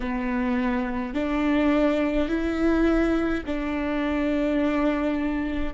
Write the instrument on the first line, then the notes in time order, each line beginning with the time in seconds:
viola
0.00 B3
1.14 D4
2.28 E4
3.46 D4